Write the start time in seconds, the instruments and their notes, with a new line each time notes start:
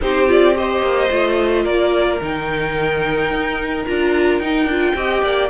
0.01 cello C4, viola D#4, violin G4 C5
0.28 viola F4, violin D5
0.52 viola G4, violin C5 D#5
0.81 cello A#3
1.10 cello A3, viola F4
1.63 cello A#3, violin A#4 D5
2.21 cello D#3, viola D#4, violin G5
3.30 cello D#4
3.86 cello D4, viola F4, violin A#5
4.39 cello D#4, viola D#4, violin G5
4.64 cello D4, viola F4
4.94 cello C4, viola G4, violin D#5
5.22 cello A#3, violin D5